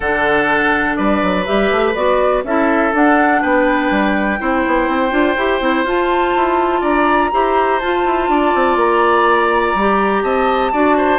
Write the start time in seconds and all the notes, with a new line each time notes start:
0.00 D3 D4 A4 F#5
0.95 G3 B4 D5
1.22 F#3
1.45 G3 G4 E5
1.71 A3
1.94 B3 F#4 D5
2.43 C#4 E4 A4 E5
2.92 D4 F#5
3.41 B3 B4 G5
3.90 G3
4.38 C4 E4 C5
4.66 B3
4.88 C4
5.10 D4 F4
5.36 E4 G4
5.60 C4 E4
5.83 F4 A5
6.36 E4
6.80 D4 D5 A#5
7.32 E4 G4 C5
7.79 F4 A5
8.05 E4
8.28 D4 D5
8.55 C4
8.76 A#3 A#5
9.74 G3 G4
10.22 C4 D#5 A5
10.72 D4 F#4 D5
10.97 C5